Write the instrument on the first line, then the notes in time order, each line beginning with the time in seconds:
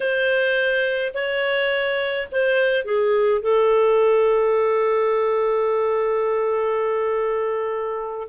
clarinet
0.00 C5
1.14 C#5
2.31 C5
2.84 G#4
3.41 A4